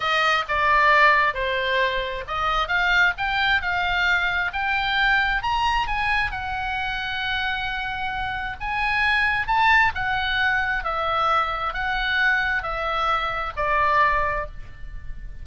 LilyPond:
\new Staff \with { instrumentName = "oboe" } { \time 4/4 \tempo 4 = 133 dis''4 d''2 c''4~ | c''4 dis''4 f''4 g''4 | f''2 g''2 | ais''4 gis''4 fis''2~ |
fis''2. gis''4~ | gis''4 a''4 fis''2 | e''2 fis''2 | e''2 d''2 | }